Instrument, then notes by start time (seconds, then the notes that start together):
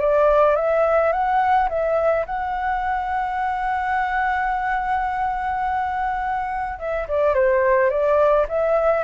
flute
0.00 D5
0.55 E5
1.12 F#5
1.69 E5
2.26 F#5
6.79 E5
7.08 D5
7.34 C5
7.90 D5
8.48 E5